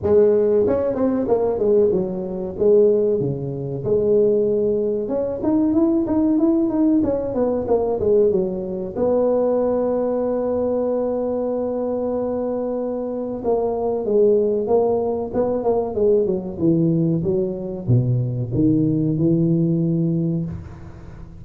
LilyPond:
\new Staff \with { instrumentName = "tuba" } { \time 4/4 \tempo 4 = 94 gis4 cis'8 c'8 ais8 gis8 fis4 | gis4 cis4 gis2 | cis'8 dis'8 e'8 dis'8 e'8 dis'8 cis'8 b8 | ais8 gis8 fis4 b2~ |
b1~ | b4 ais4 gis4 ais4 | b8 ais8 gis8 fis8 e4 fis4 | b,4 dis4 e2 | }